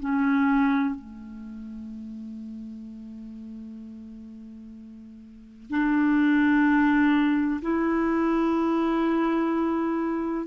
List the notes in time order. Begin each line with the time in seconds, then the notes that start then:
0.00 C#4
0.95 A3
5.71 D4
7.62 E4